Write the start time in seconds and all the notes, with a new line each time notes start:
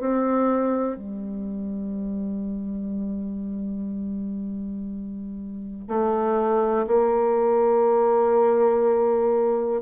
0.00 C4
0.97 G3
5.88 A3
6.87 A#3